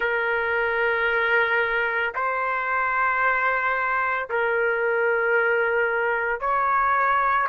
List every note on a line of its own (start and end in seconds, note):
0.00 2.14 A#4
2.14 4.29 C5
4.29 6.40 A#4
6.40 7.47 C#5